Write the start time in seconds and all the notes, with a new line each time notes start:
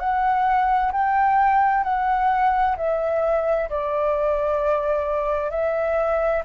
0.00 F#5
0.92 G5
1.84 F#5
2.77 E5
3.70 D5
5.51 E5